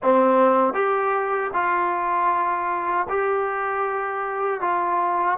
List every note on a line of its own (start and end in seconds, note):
0.02 0.73 C4
0.73 1.50 G4
1.53 3.07 F4
3.09 4.60 G4
4.60 5.37 F4